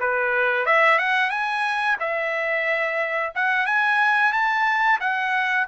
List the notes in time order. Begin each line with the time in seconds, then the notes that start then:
0.00 B4
0.66 E5
0.99 F#5
1.30 G#5
2.00 E5
3.35 F#5
3.66 G#5
4.33 A5
5.01 F#5